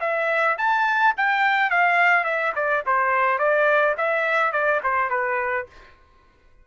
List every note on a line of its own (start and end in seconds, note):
0.00 0.57 E5
0.58 1.14 A5
1.17 1.70 G5
1.70 2.24 F5
2.24 2.52 E5
2.55 2.84 D5
2.86 3.38 C5
3.38 3.95 D5
3.97 4.52 E5
4.52 4.80 D5
4.83 5.10 C5
5.10 5.67 B4